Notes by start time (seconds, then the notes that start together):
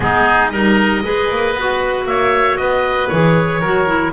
0.00 G#3 B3 D#4 G#4
0.49 G3 D#4 A#4 D#5
1.03 G#3 G#4 B4
1.30 A#3
1.55 B3 F#4
2.05 A#3 C#5 E5
2.56 B3 B4 D#5
3.08 E3 G#4 C#5
3.60 F#3 F#4 A#4
3.86 E4